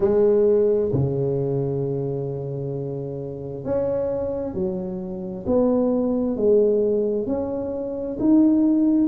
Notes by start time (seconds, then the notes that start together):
0.00 G#3
0.92 C#3
3.64 C#4
4.53 F#3
5.46 B3
6.36 G#3
7.26 C#4
8.19 D#4